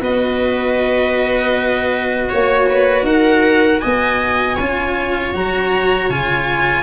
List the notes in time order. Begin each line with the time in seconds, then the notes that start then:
0.00 B3 F#4 B4 D#5
2.29 A#3 C#5
2.68 B4
3.02 D#4 A#4 F#5
3.79 B3 D#5 G#5
4.55 C#4 F4 C#5
5.34 F#3 F#4 A#5
6.09 C#3 F4 G#5